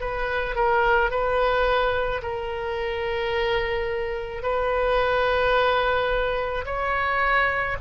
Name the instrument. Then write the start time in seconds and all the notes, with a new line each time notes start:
oboe
0.00 B4
0.56 A#4
1.11 B4
2.22 A#4
4.42 B4
6.66 C#5